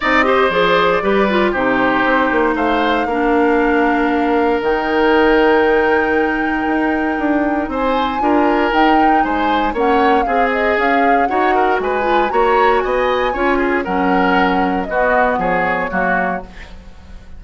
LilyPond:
<<
  \new Staff \with { instrumentName = "flute" } { \time 4/4 \tempo 4 = 117 dis''4 d''2 c''4~ | c''4 f''2.~ | f''4 g''2.~ | g''2. gis''4~ |
gis''4 g''4 gis''4 fis''4 | f''8 dis''8 f''4 fis''4 gis''4 | ais''4 gis''2 fis''4~ | fis''4 dis''4 cis''2 | }
  \new Staff \with { instrumentName = "oboe" } { \time 4/4 d''8 c''4. b'4 g'4~ | g'4 c''4 ais'2~ | ais'1~ | ais'2. c''4 |
ais'2 c''4 cis''4 | gis'2 cis''8 ais'8 b'4 | cis''4 dis''4 cis''8 gis'8 ais'4~ | ais'4 fis'4 gis'4 fis'4 | }
  \new Staff \with { instrumentName = "clarinet" } { \time 4/4 dis'8 g'8 gis'4 g'8 f'8 dis'4~ | dis'2 d'2~ | d'4 dis'2.~ | dis'1 |
f'4 dis'2 cis'4 | gis'2 fis'4. f'8 | fis'2 f'4 cis'4~ | cis'4 b2 ais4 | }
  \new Staff \with { instrumentName = "bassoon" } { \time 4/4 c'4 f4 g4 c4 | c'8 ais8 a4 ais2~ | ais4 dis2.~ | dis4 dis'4 d'4 c'4 |
d'4 dis'4 gis4 ais4 | c'4 cis'4 dis'4 gis4 | ais4 b4 cis'4 fis4~ | fis4 b4 f4 fis4 | }
>>